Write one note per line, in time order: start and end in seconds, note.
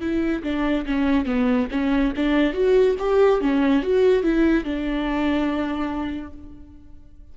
0.00 0.42 E4
0.43 0.85 D4
0.85 1.25 C#4
1.25 1.67 B3
1.71 2.13 C#4
2.16 2.53 D4
2.53 2.95 F#4
2.98 3.41 G4
3.41 3.82 C#4
3.82 4.23 F#4
4.23 4.64 E4
4.64 6.33 D4